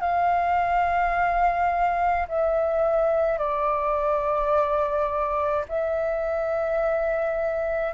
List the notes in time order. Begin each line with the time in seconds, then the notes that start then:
0.00 F5
2.27 E5
3.38 D5
5.68 E5